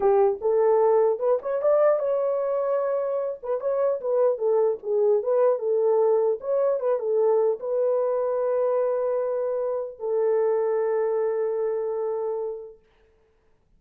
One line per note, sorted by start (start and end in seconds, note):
0.00 0.39 G4
0.41 1.19 A4
1.19 1.39 B4
1.41 1.61 C#5
1.62 1.99 D5
1.99 3.39 C#5
3.42 3.60 B4
3.60 4.00 C#5
4.00 4.38 B4
4.38 4.78 A4
4.82 5.22 G#4
5.22 5.59 B4
5.59 6.39 A4
6.40 6.80 C#5
6.80 6.99 B4
6.99 7.59 A4
7.59 9.99 B4
9.99 12.79 A4